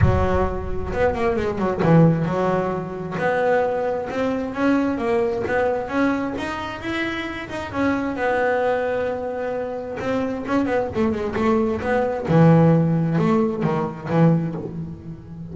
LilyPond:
\new Staff \with { instrumentName = "double bass" } { \time 4/4 \tempo 4 = 132 fis2 b8 ais8 gis8 fis8 | e4 fis2 b4~ | b4 c'4 cis'4 ais4 | b4 cis'4 dis'4 e'4~ |
e'8 dis'8 cis'4 b2~ | b2 c'4 cis'8 b8 | a8 gis8 a4 b4 e4~ | e4 a4 dis4 e4 | }